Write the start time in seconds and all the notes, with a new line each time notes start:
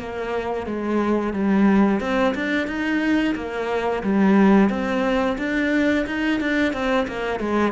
0.00 A#3
0.67 G#3
1.34 G3
2.01 C4
2.35 D4
2.68 D#4
3.36 A#3
4.04 G3
4.70 C4
5.38 D4
6.07 D#4
6.41 D4
6.74 C4
7.08 A#3
7.40 G#3